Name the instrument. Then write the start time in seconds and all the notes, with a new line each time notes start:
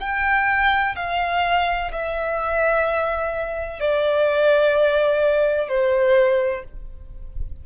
violin
0.00 G5
0.96 F5
1.92 E5
3.81 D5
5.68 C5